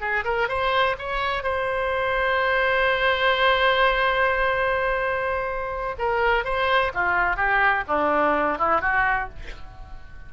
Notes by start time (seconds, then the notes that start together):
0.00 G#4
0.24 A#4
0.48 C5
0.98 C#5
1.43 C5
5.98 A#4
6.44 C5
6.94 F4
7.36 G4
7.87 D4
8.58 E4
8.81 F#4